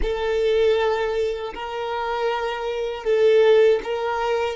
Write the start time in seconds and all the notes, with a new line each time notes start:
0.01 A4
1.54 A#4
3.04 A4
3.83 A#4